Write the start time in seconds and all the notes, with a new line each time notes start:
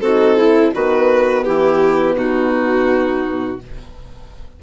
0.00 C4 D#4 F#4 A4
0.36 E4
0.73 D#3 B3 F#4 B4
1.44 E3 E4 G4
2.15 B2 D#4 F#4